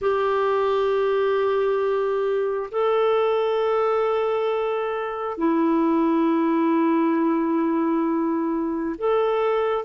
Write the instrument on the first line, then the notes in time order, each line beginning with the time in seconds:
clarinet
0.01 G4
2.71 A4
5.37 E4
8.98 A4